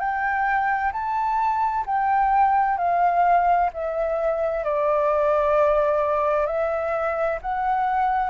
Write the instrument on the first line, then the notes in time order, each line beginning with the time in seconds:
flute
0.00 G5
0.93 A5
1.86 G5
2.78 F5
3.73 E5
4.64 D5
6.47 E5
7.42 F#5